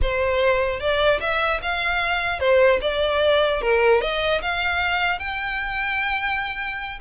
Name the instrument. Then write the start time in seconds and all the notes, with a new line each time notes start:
violin
0.02 C5
0.80 D5
1.20 E5
1.62 F5
2.39 C5
2.81 D5
3.61 A#4
4.01 D#5
4.41 F5
5.19 G5